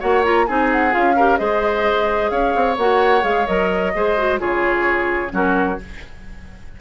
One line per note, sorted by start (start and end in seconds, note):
0.00 0.49 A#3
0.00 0.23 F#4
0.00 0.46 C#5
0.00 0.24 F#5
0.24 0.47 F4
0.24 0.46 A#5
0.46 0.95 C4
0.46 0.91 D#4
0.46 1.16 G#4
0.46 0.69 G#5
0.72 0.94 F#5
0.91 1.40 C#4
0.91 1.14 F4
0.91 1.38 F5
1.16 1.38 G4
1.16 1.39 A#4
1.38 2.31 G#3
1.38 2.76 G#4
1.38 2.31 C5
1.38 2.30 D#5
2.30 2.54 C#4
2.30 3.93 C#5
2.30 2.76 F5
2.55 2.78 C4
2.78 3.24 A#3
2.78 3.22 F#4
2.78 3.24 F#5
3.22 3.47 G#3
3.22 3.45 G#4
3.22 3.47 F5
3.47 3.95 F#3
3.47 3.93 A#4
3.47 4.39 D#5
3.95 4.41 G#3
3.95 4.18 G#4
3.95 4.40 C5
4.18 4.39 F#4
4.39 5.32 C#3
4.39 5.30 F4
4.39 5.32 G#4
4.39 5.32 C#5
5.30 5.79 F#3
5.30 5.76 C#4
5.30 5.80 F#4
5.30 5.81 A#4